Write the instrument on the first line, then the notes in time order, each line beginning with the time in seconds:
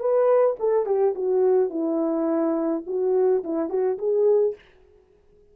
horn
0.00 B4
0.59 A4
0.86 G4
1.15 F#4
1.70 E4
2.87 F#4
3.44 E4
3.70 F#4
3.99 G#4